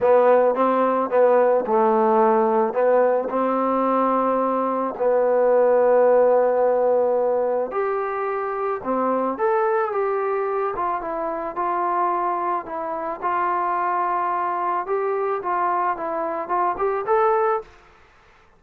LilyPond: \new Staff \with { instrumentName = "trombone" } { \time 4/4 \tempo 4 = 109 b4 c'4 b4 a4~ | a4 b4 c'2~ | c'4 b2.~ | b2 g'2 |
c'4 a'4 g'4. f'8 | e'4 f'2 e'4 | f'2. g'4 | f'4 e'4 f'8 g'8 a'4 | }